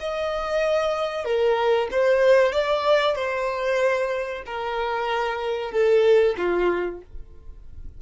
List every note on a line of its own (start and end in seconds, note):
0.00 1.25 D#5
1.25 1.89 A#4
1.91 2.53 C5
2.53 3.16 D5
3.16 4.44 C5
4.46 5.72 A#4
5.72 6.36 A4
6.38 7.02 F4